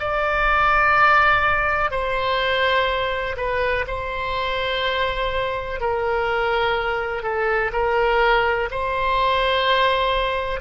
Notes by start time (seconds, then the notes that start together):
0.00 D5
1.91 C5
3.37 B4
3.88 C5
5.81 A#4
7.23 A4
7.73 A#4
8.71 C5